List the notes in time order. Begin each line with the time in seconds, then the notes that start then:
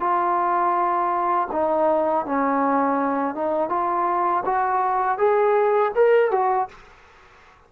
0.00 F4
1.52 D#4
2.26 C#4
3.35 D#4
3.69 F4
4.45 F#4
5.18 G#4
5.95 A#4
6.31 F#4